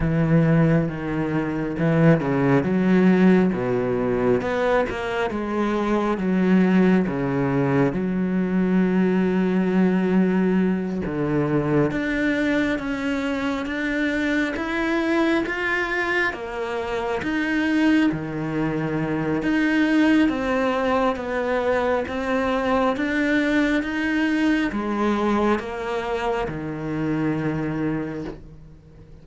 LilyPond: \new Staff \with { instrumentName = "cello" } { \time 4/4 \tempo 4 = 68 e4 dis4 e8 cis8 fis4 | b,4 b8 ais8 gis4 fis4 | cis4 fis2.~ | fis8 d4 d'4 cis'4 d'8~ |
d'8 e'4 f'4 ais4 dis'8~ | dis'8 dis4. dis'4 c'4 | b4 c'4 d'4 dis'4 | gis4 ais4 dis2 | }